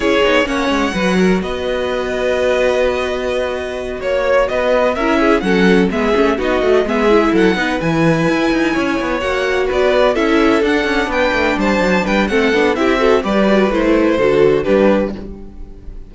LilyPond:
<<
  \new Staff \with { instrumentName = "violin" } { \time 4/4 \tempo 4 = 127 cis''4 fis''2 dis''4~ | dis''1~ | dis''8 cis''4 dis''4 e''4 fis''8~ | fis''8 e''4 dis''4 e''4 fis''8~ |
fis''8 gis''2. fis''8~ | fis''8 d''4 e''4 fis''4 g''8~ | g''8 a''4 g''8 fis''4 e''4 | d''4 c''2 b'4 | }
  \new Staff \with { instrumentName = "violin" } { \time 4/4 gis'4 cis''4 b'8 ais'8 b'4~ | b'1~ | b'8 cis''4 b'4 ais'8 gis'8 a'8~ | a'8 gis'4 fis'4 gis'4 a'8 |
b'2~ b'8 cis''4.~ | cis''8 b'4 a'2 b'8~ | b'8 c''4 b'8 a'4 g'8 a'8 | b'2 a'4 g'4 | }
  \new Staff \with { instrumentName = "viola" } { \time 4/4 e'8 dis'8 cis'4 fis'2~ | fis'1~ | fis'2~ fis'8 e'4 cis'8~ | cis'8 b8 cis'8 dis'8 fis'8 b8 e'4 |
dis'8 e'2. fis'8~ | fis'4. e'4 d'4.~ | d'2 c'8 d'8 e'8 fis'8 | g'8 fis'8 e'4 fis'4 d'4 | }
  \new Staff \with { instrumentName = "cello" } { \time 4/4 cis'8 b8 ais8 gis8 fis4 b4~ | b1~ | b8 ais4 b4 cis'4 fis8~ | fis8 gis8 a8 b8 a8 gis4 fis8 |
b8 e4 e'8 dis'8 cis'8 b8 ais8~ | ais8 b4 cis'4 d'8 cis'8 b8 | a8 g8 fis8 g8 a8 b8 c'4 | g4 a4 d4 g4 | }
>>